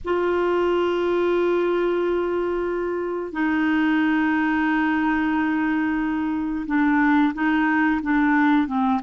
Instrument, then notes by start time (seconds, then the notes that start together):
clarinet
0.04 F4
3.32 D#4
6.66 D4
7.34 D#4
8.02 D4
8.67 C4